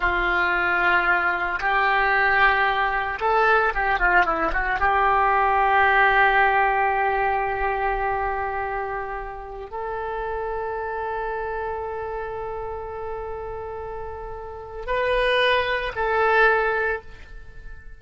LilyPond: \new Staff \with { instrumentName = "oboe" } { \time 4/4 \tempo 4 = 113 f'2. g'4~ | g'2 a'4 g'8 f'8 | e'8 fis'8 g'2.~ | g'1~ |
g'2~ g'16 a'4.~ a'16~ | a'1~ | a'1 | b'2 a'2 | }